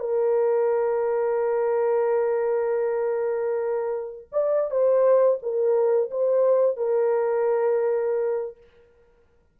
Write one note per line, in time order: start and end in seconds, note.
0.00 4.29 A#4
4.32 4.71 D5
4.71 5.39 C5
5.43 6.10 A#4
6.11 6.77 C5
6.77 8.58 A#4